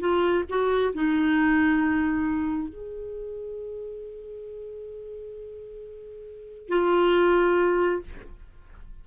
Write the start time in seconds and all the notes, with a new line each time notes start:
0.00 F4
0.49 F#4
0.94 D#4
2.69 G#4
6.68 F4